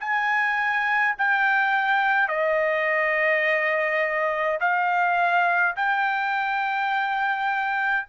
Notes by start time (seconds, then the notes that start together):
0.00 G#5
1.18 G5
2.28 D#5
4.60 F5
5.76 G5